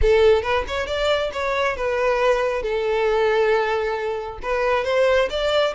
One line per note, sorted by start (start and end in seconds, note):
0.01 0.42 A4
0.42 0.64 B4
0.67 0.86 C#5
0.86 1.30 D5
1.32 1.76 C#5
1.76 2.62 B4
2.62 4.39 A4
4.42 4.84 B4
4.84 5.28 C5
5.29 5.74 D5